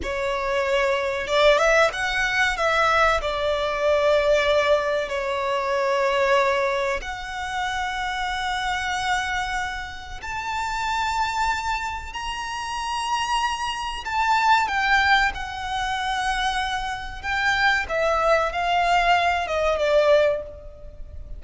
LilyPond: \new Staff \with { instrumentName = "violin" } { \time 4/4 \tempo 4 = 94 cis''2 d''8 e''8 fis''4 | e''4 d''2. | cis''2. fis''4~ | fis''1 |
a''2. ais''4~ | ais''2 a''4 g''4 | fis''2. g''4 | e''4 f''4. dis''8 d''4 | }